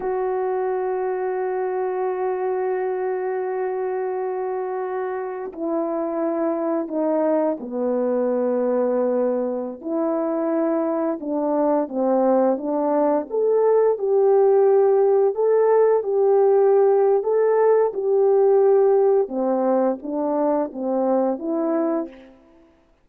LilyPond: \new Staff \with { instrumentName = "horn" } { \time 4/4 \tempo 4 = 87 fis'1~ | fis'1 | e'2 dis'4 b4~ | b2~ b16 e'4.~ e'16~ |
e'16 d'4 c'4 d'4 a'8.~ | a'16 g'2 a'4 g'8.~ | g'4 a'4 g'2 | c'4 d'4 c'4 e'4 | }